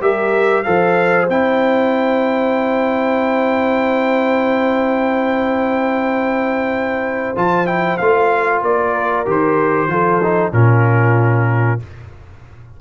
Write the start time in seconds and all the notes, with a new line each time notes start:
0.00 G3 G4 A#4 E5
0.63 F3 A4 C5 F5
1.29 C4 E4 G5
7.35 F3 F4 A5
7.66 E4 G5
7.97 A3 F4 F5
8.62 A#3 D5
8.92 A#4
9.25 D#3 G4 C5
9.87 F3 F4 A4
10.23 D#4
10.52 A#2 C#4 F4 A#4